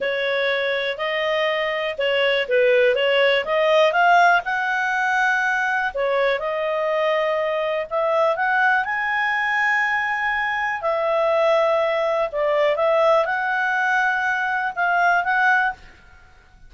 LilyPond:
\new Staff \with { instrumentName = "clarinet" } { \time 4/4 \tempo 4 = 122 cis''2 dis''2 | cis''4 b'4 cis''4 dis''4 | f''4 fis''2. | cis''4 dis''2. |
e''4 fis''4 gis''2~ | gis''2 e''2~ | e''4 d''4 e''4 fis''4~ | fis''2 f''4 fis''4 | }